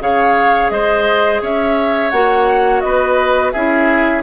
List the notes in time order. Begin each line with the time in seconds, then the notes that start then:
0.00 C#3 G#4 C#5 F5
0.71 G#3 C5 D#5
1.42 C#4 C#5 E5
2.11 A#3 F#4 F#5
2.81 B3 B4 D#5
3.52 C#4 E4 G#4 E5